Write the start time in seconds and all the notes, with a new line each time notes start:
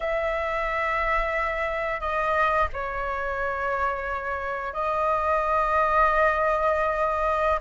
0.00 E5
2.00 D#5
2.73 C#5
4.73 D#5